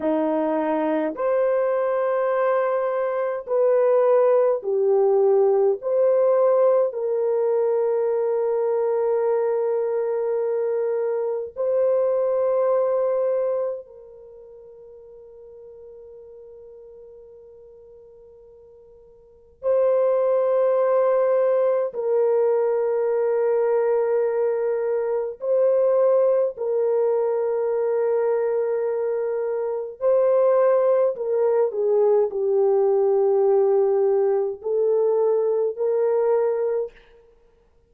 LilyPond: \new Staff \with { instrumentName = "horn" } { \time 4/4 \tempo 4 = 52 dis'4 c''2 b'4 | g'4 c''4 ais'2~ | ais'2 c''2 | ais'1~ |
ais'4 c''2 ais'4~ | ais'2 c''4 ais'4~ | ais'2 c''4 ais'8 gis'8 | g'2 a'4 ais'4 | }